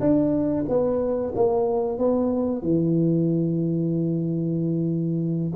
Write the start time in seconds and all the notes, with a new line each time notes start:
0.00 D4
0.68 B3
1.35 A#3
1.98 B3
2.62 E3